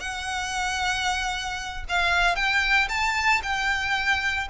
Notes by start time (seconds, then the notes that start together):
0.00 F#5
1.89 F5
2.35 G5
2.89 A5
3.42 G5